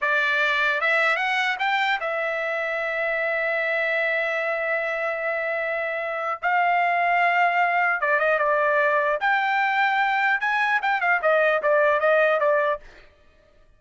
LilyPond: \new Staff \with { instrumentName = "trumpet" } { \time 4/4 \tempo 4 = 150 d''2 e''4 fis''4 | g''4 e''2.~ | e''1~ | e''1 |
f''1 | d''8 dis''8 d''2 g''4~ | g''2 gis''4 g''8 f''8 | dis''4 d''4 dis''4 d''4 | }